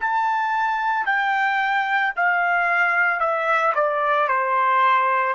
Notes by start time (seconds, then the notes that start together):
0.00 A5
1.06 G5
2.16 F5
3.20 E5
3.75 D5
4.28 C5